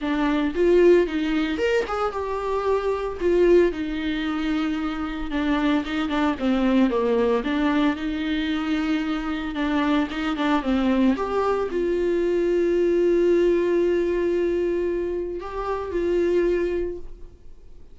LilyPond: \new Staff \with { instrumentName = "viola" } { \time 4/4 \tempo 4 = 113 d'4 f'4 dis'4 ais'8 gis'8 | g'2 f'4 dis'4~ | dis'2 d'4 dis'8 d'8 | c'4 ais4 d'4 dis'4~ |
dis'2 d'4 dis'8 d'8 | c'4 g'4 f'2~ | f'1~ | f'4 g'4 f'2 | }